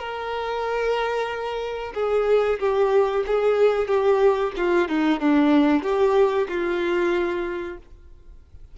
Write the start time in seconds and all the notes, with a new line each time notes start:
0.00 A#4
1.95 G#4
2.60 G4
3.27 G#4
3.88 G4
4.57 F4
4.89 D#4
5.21 D4
5.84 G4
6.49 F4